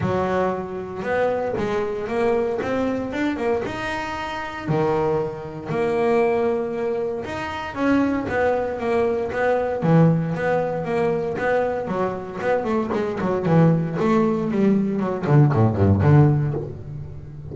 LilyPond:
\new Staff \with { instrumentName = "double bass" } { \time 4/4 \tempo 4 = 116 fis2 b4 gis4 | ais4 c'4 d'8 ais8 dis'4~ | dis'4 dis2 ais4~ | ais2 dis'4 cis'4 |
b4 ais4 b4 e4 | b4 ais4 b4 fis4 | b8 a8 gis8 fis8 e4 a4 | g4 fis8 d8 a,8 g,8 d4 | }